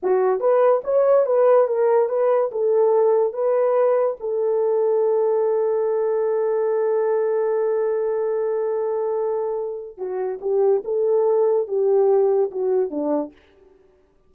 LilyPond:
\new Staff \with { instrumentName = "horn" } { \time 4/4 \tempo 4 = 144 fis'4 b'4 cis''4 b'4 | ais'4 b'4 a'2 | b'2 a'2~ | a'1~ |
a'1~ | a'1 | fis'4 g'4 a'2 | g'2 fis'4 d'4 | }